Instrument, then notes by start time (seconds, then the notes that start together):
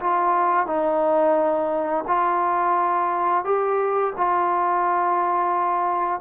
trombone
0.00 F4
0.66 D#4
2.07 F4
3.44 G4
4.17 F4